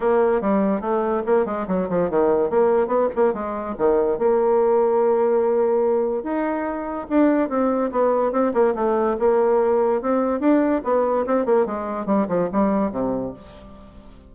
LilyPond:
\new Staff \with { instrumentName = "bassoon" } { \time 4/4 \tempo 4 = 144 ais4 g4 a4 ais8 gis8 | fis8 f8 dis4 ais4 b8 ais8 | gis4 dis4 ais2~ | ais2. dis'4~ |
dis'4 d'4 c'4 b4 | c'8 ais8 a4 ais2 | c'4 d'4 b4 c'8 ais8 | gis4 g8 f8 g4 c4 | }